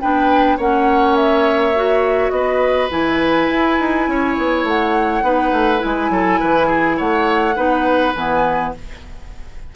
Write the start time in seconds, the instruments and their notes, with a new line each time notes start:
0.00 bassoon B3, clarinet D4, oboe B4, flute G5
0.57 bassoon A#3, clarinet C#4, oboe C#5, flute F#5
1.16 flute E5
1.75 clarinet F#4
2.30 bassoon B3, oboe B4, flute D#5
2.91 bassoon E3, clarinet E4, flute G#5
3.48 bassoon E4
3.80 bassoon D#4
4.07 bassoon C#4, oboe C#5
4.37 bassoon B3
4.63 bassoon A3, flute F#5
5.22 bassoon B3, clarinet D#4, oboe B4
5.52 bassoon A3
5.79 bassoon G#3, clarinet E4, flute G#5
6.10 bassoon F#3, oboe A4
6.39 bassoon E3, oboe B4
6.67 oboe G#4
6.97 bassoon A3, oboe C#5, flute F#5
7.56 bassoon B3, clarinet D#4, oboe B4
8.15 bassoon E3, clarinet B3, flute G#5